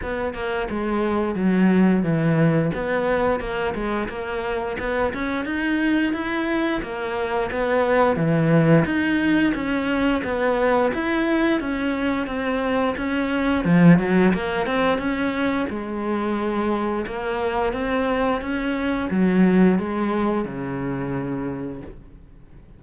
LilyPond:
\new Staff \with { instrumentName = "cello" } { \time 4/4 \tempo 4 = 88 b8 ais8 gis4 fis4 e4 | b4 ais8 gis8 ais4 b8 cis'8 | dis'4 e'4 ais4 b4 | e4 dis'4 cis'4 b4 |
e'4 cis'4 c'4 cis'4 | f8 fis8 ais8 c'8 cis'4 gis4~ | gis4 ais4 c'4 cis'4 | fis4 gis4 cis2 | }